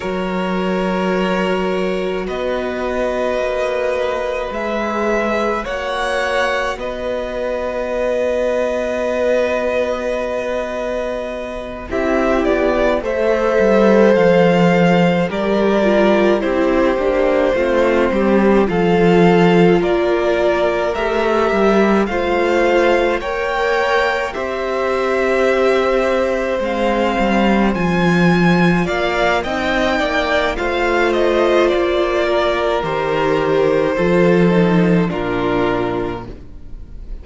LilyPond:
<<
  \new Staff \with { instrumentName = "violin" } { \time 4/4 \tempo 4 = 53 cis''2 dis''2 | e''4 fis''4 dis''2~ | dis''2~ dis''8 e''8 d''8 e''8~ | e''8 f''4 d''4 c''4.~ |
c''8 f''4 d''4 e''4 f''8~ | f''8 g''4 e''2 f''8~ | f''8 gis''4 f''8 g''4 f''8 dis''8 | d''4 c''2 ais'4 | }
  \new Staff \with { instrumentName = "violin" } { \time 4/4 ais'2 b'2~ | b'4 cis''4 b'2~ | b'2~ b'8 g'4 c''8~ | c''4. ais'4 g'4 f'8 |
g'8 a'4 ais'2 c''8~ | c''8 cis''4 c''2~ c''8~ | c''4. d''8 dis''8 d''8 c''4~ | c''8 ais'4. a'4 f'4 | }
  \new Staff \with { instrumentName = "viola" } { \time 4/4 fis'1 | gis'4 fis'2.~ | fis'2~ fis'8 e'4 a'8~ | a'4. g'8 f'8 e'8 d'8 c'8~ |
c'8 f'2 g'4 f'8~ | f'8 ais'4 g'2 c'8~ | c'8 f'4. dis'4 f'4~ | f'4 g'4 f'8 dis'8 d'4 | }
  \new Staff \with { instrumentName = "cello" } { \time 4/4 fis2 b4 ais4 | gis4 ais4 b2~ | b2~ b8 c'8 b8 a8 | g8 f4 g4 c'8 ais8 a8 |
g8 f4 ais4 a8 g8 a8~ | a8 ais4 c'2 gis8 | g8 f4 ais8 c'8 ais8 a4 | ais4 dis4 f4 ais,4 | }
>>